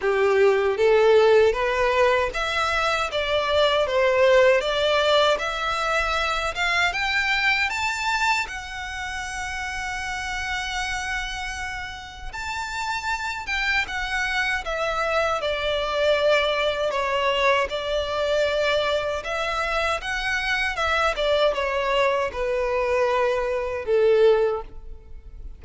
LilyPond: \new Staff \with { instrumentName = "violin" } { \time 4/4 \tempo 4 = 78 g'4 a'4 b'4 e''4 | d''4 c''4 d''4 e''4~ | e''8 f''8 g''4 a''4 fis''4~ | fis''1 |
a''4. g''8 fis''4 e''4 | d''2 cis''4 d''4~ | d''4 e''4 fis''4 e''8 d''8 | cis''4 b'2 a'4 | }